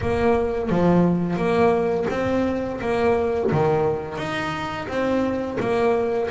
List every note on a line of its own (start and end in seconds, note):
0.01 0.69 A#3
0.69 1.36 F3
1.36 2.06 A#3
2.10 2.79 C4
2.81 3.50 A#3
3.51 4.17 D#3
4.17 4.87 D#4
4.87 5.57 C4
5.60 6.29 A#3